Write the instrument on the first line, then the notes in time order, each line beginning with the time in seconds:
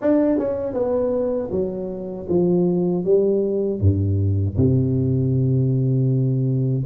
tuba
0.01 D4
0.38 C#4
0.73 B3
1.51 F#3
2.28 F3
3.04 G3
3.80 G2
4.57 C3